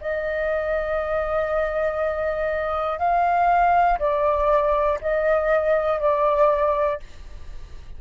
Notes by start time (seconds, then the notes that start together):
0.00 D#5
2.99 F5
3.99 D5
5.00 D#5
6.00 D5